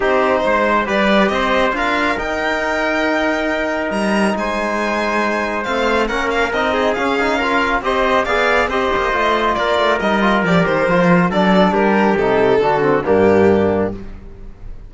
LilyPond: <<
  \new Staff \with { instrumentName = "violin" } { \time 4/4 \tempo 4 = 138 c''2 d''4 dis''4 | f''4 g''2.~ | g''4 ais''4 gis''2~ | gis''4 f''4 fis''8 f''8 dis''4 |
f''2 dis''4 f''4 | dis''2 d''4 dis''4 | d''8 c''4. d''4 ais'4 | a'2 g'2 | }
  \new Staff \with { instrumentName = "trumpet" } { \time 4/4 g'4 c''4 b'4 c''4 | ais'1~ | ais'2 c''2~ | c''2 ais'4. gis'8~ |
gis'4 ais'4 c''4 d''4 | c''2 ais'2~ | ais'2 a'4 g'4~ | g'4 fis'4 d'2 | }
  \new Staff \with { instrumentName = "trombone" } { \time 4/4 dis'2 g'2 | f'4 dis'2.~ | dis'1~ | dis'4 c'4 cis'4 dis'4 |
cis'8 dis'8 f'4 g'4 gis'4 | g'4 f'2 dis'8 f'8 | g'4 f'4 d'2 | dis'4 d'8 c'8 ais2 | }
  \new Staff \with { instrumentName = "cello" } { \time 4/4 c'4 gis4 g4 c'4 | d'4 dis'2.~ | dis'4 g4 gis2~ | gis4 a4 ais4 c'4 |
cis'2 c'4 b4 | c'8 ais8 a4 ais8 a8 g4 | f8 dis8 f4 fis4 g4 | c4 d4 g,2 | }
>>